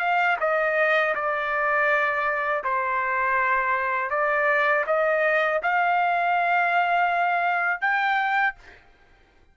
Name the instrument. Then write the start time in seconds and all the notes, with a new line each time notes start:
trumpet
0.00 F5
0.41 D#5
1.15 D5
2.64 C5
4.11 D5
4.87 D#5
5.63 F5
7.81 G5